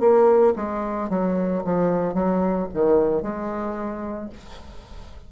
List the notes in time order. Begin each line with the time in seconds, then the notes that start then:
0.00 A#3
0.56 G#3
1.10 F#3
1.64 F3
2.14 F#3
2.74 D#3
3.22 G#3